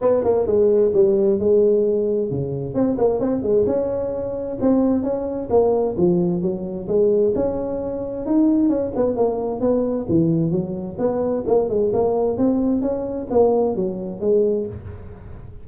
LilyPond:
\new Staff \with { instrumentName = "tuba" } { \time 4/4 \tempo 4 = 131 b8 ais8 gis4 g4 gis4~ | gis4 cis4 c'8 ais8 c'8 gis8 | cis'2 c'4 cis'4 | ais4 f4 fis4 gis4 |
cis'2 dis'4 cis'8 b8 | ais4 b4 e4 fis4 | b4 ais8 gis8 ais4 c'4 | cis'4 ais4 fis4 gis4 | }